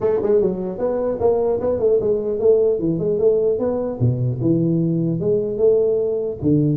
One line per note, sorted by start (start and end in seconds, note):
0.00 0.20 A3
0.22 0.41 G#3
0.41 0.78 F#3
0.78 1.18 B3
1.20 1.60 A#3
1.60 1.79 B3
1.79 1.99 A3
2.01 2.39 G#3
2.39 2.79 A3
2.79 2.98 E3
2.98 3.18 G#3
3.19 3.59 A3
3.59 3.99 B3
4.00 4.40 B2
4.41 5.20 E3
5.20 5.57 G#3
5.57 6.37 A3
6.42 6.77 D3